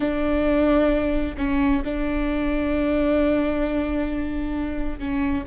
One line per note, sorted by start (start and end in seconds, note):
0.00 1.35 D4
1.37 1.82 C#4
1.84 4.98 D4
4.98 5.44 C#4